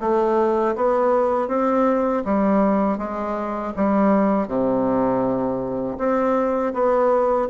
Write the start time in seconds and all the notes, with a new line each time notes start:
0.00 A3
0.76 B3
1.48 C4
2.25 G3
2.98 G#3
3.76 G3
4.48 C3
5.98 C4
6.73 B3